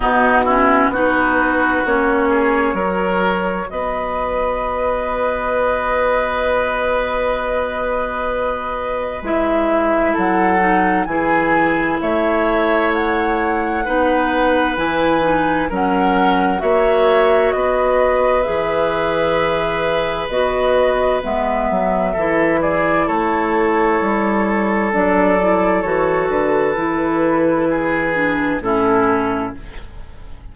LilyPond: <<
  \new Staff \with { instrumentName = "flute" } { \time 4/4 \tempo 4 = 65 fis'4 b'4 cis''2 | dis''1~ | dis''2 e''4 fis''4 | gis''4 e''4 fis''2 |
gis''4 fis''4 e''4 dis''4 | e''2 dis''4 e''4~ | e''8 d''8 cis''2 d''4 | cis''8 b'2~ b'8 a'4 | }
  \new Staff \with { instrumentName = "oboe" } { \time 4/4 dis'8 e'8 fis'4. gis'8 ais'4 | b'1~ | b'2. a'4 | gis'4 cis''2 b'4~ |
b'4 ais'4 cis''4 b'4~ | b'1 | a'8 gis'8 a'2.~ | a'2 gis'4 e'4 | }
  \new Staff \with { instrumentName = "clarinet" } { \time 4/4 b8 cis'8 dis'4 cis'4 fis'4~ | fis'1~ | fis'2 e'4. dis'8 | e'2. dis'4 |
e'8 dis'8 cis'4 fis'2 | gis'2 fis'4 b4 | e'2. d'8 e'8 | fis'4 e'4. d'8 cis'4 | }
  \new Staff \with { instrumentName = "bassoon" } { \time 4/4 b,4 b4 ais4 fis4 | b1~ | b2 gis4 fis4 | e4 a2 b4 |
e4 fis4 ais4 b4 | e2 b4 gis8 fis8 | e4 a4 g4 fis4 | e8 d8 e2 a,4 | }
>>